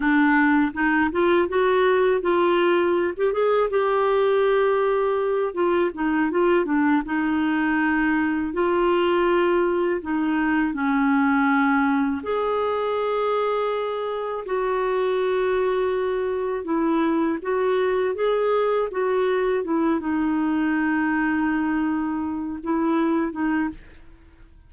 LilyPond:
\new Staff \with { instrumentName = "clarinet" } { \time 4/4 \tempo 4 = 81 d'4 dis'8 f'8 fis'4 f'4~ | f'16 g'16 gis'8 g'2~ g'8 f'8 | dis'8 f'8 d'8 dis'2 f'8~ | f'4. dis'4 cis'4.~ |
cis'8 gis'2. fis'8~ | fis'2~ fis'8 e'4 fis'8~ | fis'8 gis'4 fis'4 e'8 dis'4~ | dis'2~ dis'8 e'4 dis'8 | }